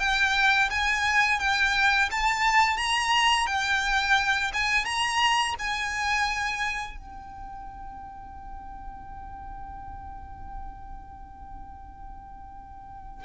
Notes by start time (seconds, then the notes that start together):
0.00 G5
0.70 G#5
1.40 G5
2.11 A5
2.77 A#5
3.47 G5
4.53 G#5
4.85 A#5
5.59 G#5
6.98 G5